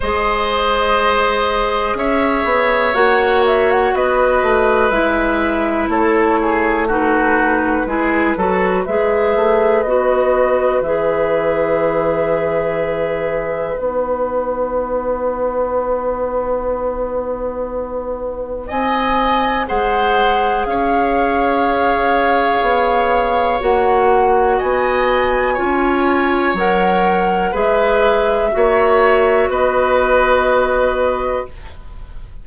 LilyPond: <<
  \new Staff \with { instrumentName = "flute" } { \time 4/4 \tempo 4 = 61 dis''2 e''4 fis''8 e''16 fis''16 | dis''4 e''4 cis''4 b'4~ | b'4 e''4 dis''4 e''4~ | e''2 fis''2~ |
fis''2. gis''4 | fis''4 f''2. | fis''4 gis''2 fis''4 | e''2 dis''2 | }
  \new Staff \with { instrumentName = "oboe" } { \time 4/4 c''2 cis''2 | b'2 a'8 gis'8 fis'4 | gis'8 a'8 b'2.~ | b'1~ |
b'2. dis''4 | c''4 cis''2.~ | cis''4 dis''4 cis''2 | b'4 cis''4 b'2 | }
  \new Staff \with { instrumentName = "clarinet" } { \time 4/4 gis'2. fis'4~ | fis'4 e'2 dis'4 | e'8 fis'8 gis'4 fis'4 gis'4~ | gis'2 dis'2~ |
dis'1 | gis'1 | fis'2 f'4 ais'4 | gis'4 fis'2. | }
  \new Staff \with { instrumentName = "bassoon" } { \time 4/4 gis2 cis'8 b8 ais4 | b8 a8 gis4 a2 | gis8 fis8 gis8 a8 b4 e4~ | e2 b2~ |
b2. c'4 | gis4 cis'2 b4 | ais4 b4 cis'4 fis4 | gis4 ais4 b2 | }
>>